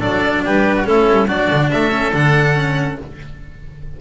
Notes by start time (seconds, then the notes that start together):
0.00 F#3 D4 A4 D5
0.45 G3 G4 B4
0.76 F#4
0.85 A3 C#4 E4 A4
1.10 G3
1.27 F#3 D4 F#4 D5
1.51 D3
1.71 A3 A4 E5
1.91 C#4
2.13 D3 D4 F#5
2.55 C#4